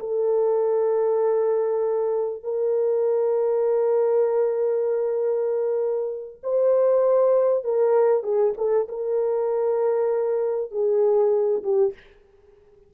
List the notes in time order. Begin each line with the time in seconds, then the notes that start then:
0.00 A4
2.44 A#4
6.43 C5
7.64 A#4
8.23 G#4
8.57 A4
8.89 A#4
10.71 G#4
11.63 G4